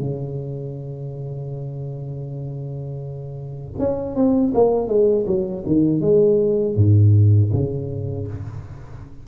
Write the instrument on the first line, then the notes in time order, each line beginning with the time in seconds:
tuba
0.00 C#3
3.79 C#4
4.16 C4
4.55 A#3
4.88 G#3
5.27 F#3
5.67 D#3
6.01 G#3
6.76 G#2
7.53 C#3